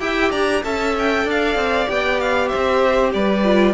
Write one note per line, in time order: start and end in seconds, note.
0.00 0.31 E4
0.00 0.62 G4
0.00 0.31 E5
0.00 0.31 G5
0.31 0.63 D4
0.31 0.62 D5
0.31 0.63 A#5
0.64 1.24 C#4
0.64 1.87 A4
0.64 1.26 E5
0.64 0.95 A5
0.99 1.30 G5
1.24 1.55 D4
1.24 2.50 D5
1.24 1.90 F5
1.55 1.87 C4
1.87 2.52 B3
1.87 3.43 G4
1.87 2.20 G5
2.20 2.48 F5
2.48 3.12 C5
2.48 3.11 E5
2.55 3.14 C4
3.13 3.74 G3
3.13 3.74 B4
3.13 3.74 D5
3.44 3.74 F4